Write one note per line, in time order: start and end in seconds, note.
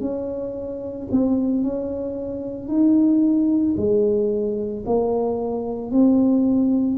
0.00 1.07 C#4
1.11 1.63 C4
1.63 2.67 C#4
2.67 3.75 D#4
3.76 4.84 G#3
4.86 5.91 A#3
5.91 6.97 C4